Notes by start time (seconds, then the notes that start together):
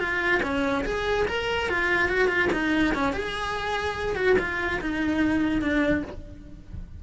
0.00 F4
0.43 C#4
0.85 G#4
1.28 A#4
1.69 F4
2.09 F#4
2.29 F4
2.53 D#4
2.95 C#4
3.13 G#4
4.16 F#4
4.39 F4
4.81 D#4
5.62 D4